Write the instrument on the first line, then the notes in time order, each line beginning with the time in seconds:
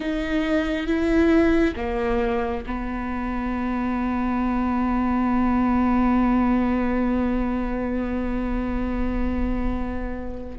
viola
0.00 D#4
0.86 E4
1.76 A#3
2.66 B3